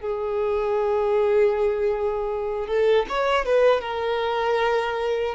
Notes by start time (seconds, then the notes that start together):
0.00 G#4
2.67 A4
3.08 C#5
3.45 B4
3.81 A#4